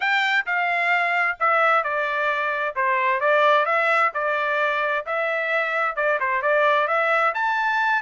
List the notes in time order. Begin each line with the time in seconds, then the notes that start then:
0.00 G5
0.46 F5
1.39 E5
1.83 D5
2.75 C5
3.20 D5
3.65 E5
4.13 D5
5.05 E5
5.95 D5
6.20 C5
6.42 D5
6.87 E5
7.34 A5